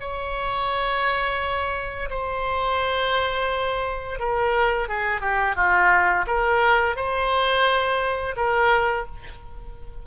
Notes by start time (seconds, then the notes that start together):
0.00 C#5
2.10 C5
4.19 A#4
4.88 G#4
5.21 G4
5.56 F4
6.27 A#4
6.96 C5
8.36 A#4